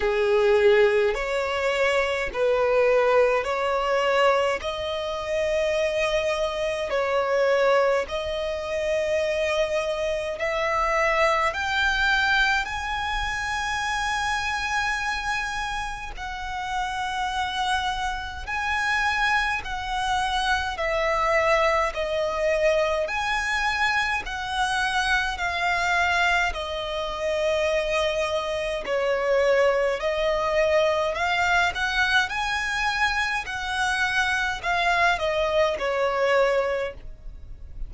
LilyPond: \new Staff \with { instrumentName = "violin" } { \time 4/4 \tempo 4 = 52 gis'4 cis''4 b'4 cis''4 | dis''2 cis''4 dis''4~ | dis''4 e''4 g''4 gis''4~ | gis''2 fis''2 |
gis''4 fis''4 e''4 dis''4 | gis''4 fis''4 f''4 dis''4~ | dis''4 cis''4 dis''4 f''8 fis''8 | gis''4 fis''4 f''8 dis''8 cis''4 | }